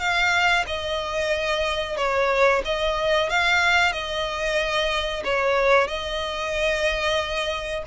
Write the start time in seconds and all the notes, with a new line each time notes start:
0.00 F5
0.67 D#5
1.97 C#5
2.65 D#5
3.30 F5
3.93 D#5
5.25 C#5
5.88 D#5